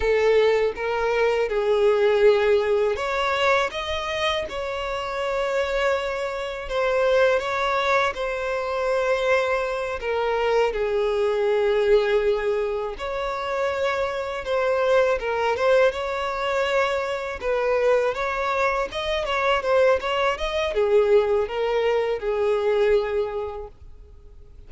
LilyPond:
\new Staff \with { instrumentName = "violin" } { \time 4/4 \tempo 4 = 81 a'4 ais'4 gis'2 | cis''4 dis''4 cis''2~ | cis''4 c''4 cis''4 c''4~ | c''4. ais'4 gis'4.~ |
gis'4. cis''2 c''8~ | c''8 ais'8 c''8 cis''2 b'8~ | b'8 cis''4 dis''8 cis''8 c''8 cis''8 dis''8 | gis'4 ais'4 gis'2 | }